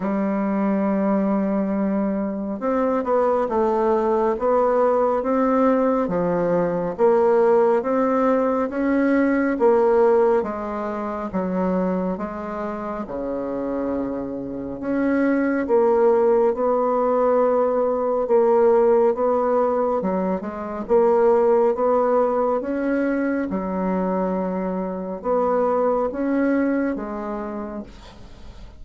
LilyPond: \new Staff \with { instrumentName = "bassoon" } { \time 4/4 \tempo 4 = 69 g2. c'8 b8 | a4 b4 c'4 f4 | ais4 c'4 cis'4 ais4 | gis4 fis4 gis4 cis4~ |
cis4 cis'4 ais4 b4~ | b4 ais4 b4 fis8 gis8 | ais4 b4 cis'4 fis4~ | fis4 b4 cis'4 gis4 | }